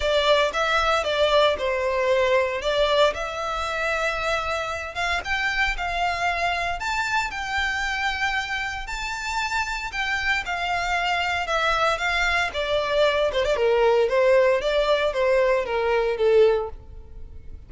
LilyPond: \new Staff \with { instrumentName = "violin" } { \time 4/4 \tempo 4 = 115 d''4 e''4 d''4 c''4~ | c''4 d''4 e''2~ | e''4. f''8 g''4 f''4~ | f''4 a''4 g''2~ |
g''4 a''2 g''4 | f''2 e''4 f''4 | d''4. c''16 d''16 ais'4 c''4 | d''4 c''4 ais'4 a'4 | }